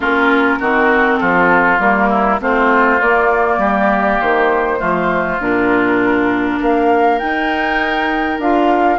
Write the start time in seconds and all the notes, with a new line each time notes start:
0.00 A#3 C#4 F4 A#4
0.59 D#3 C4 F#4
1.17 F3 F4 A4
1.79 G3 A#3 A#4
2.09 E4
2.40 A3 C4 F4 C5
3.01 A#3 D5
3.57 G3 G4
4.20 D#3 C5
4.78 F3 A3 F4
5.39 A#2 D4 A#4
6.59 A#3 A#4 F5
7.19 D#4 G5
8.38 D4 F4 F5